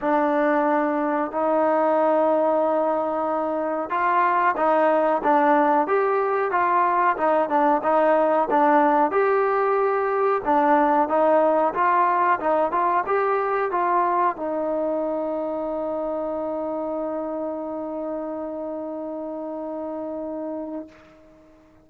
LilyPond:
\new Staff \with { instrumentName = "trombone" } { \time 4/4 \tempo 4 = 92 d'2 dis'2~ | dis'2 f'4 dis'4 | d'4 g'4 f'4 dis'8 d'8 | dis'4 d'4 g'2 |
d'4 dis'4 f'4 dis'8 f'8 | g'4 f'4 dis'2~ | dis'1~ | dis'1 | }